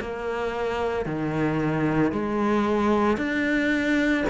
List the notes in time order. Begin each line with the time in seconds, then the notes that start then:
0.00 A#3
1.05 D#3
2.12 G#3
3.17 D4